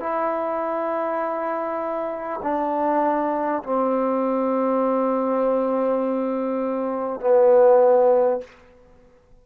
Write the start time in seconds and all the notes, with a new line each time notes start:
0.00 E4
2.43 D4
3.63 C4
7.21 B3